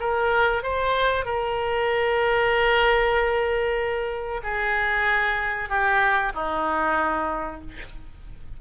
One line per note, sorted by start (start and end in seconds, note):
0.00 0.63 A#4
0.63 1.25 C5
1.25 4.41 A#4
4.43 5.69 G#4
5.69 6.32 G4
6.34 7.60 D#4